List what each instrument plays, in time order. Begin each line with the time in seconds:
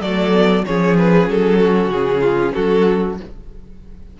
0.00 cello F#3, viola A3, violin A4 D5
0.32 viola B3
0.65 cello F3, viola C#4, violin G#4 C#5
0.97 violin B4
1.28 cello F#3, violin A4
1.59 violin F#4
1.87 cello C#3, violin G#4
2.21 violin F4
2.54 cello F#3, violin F#4 A4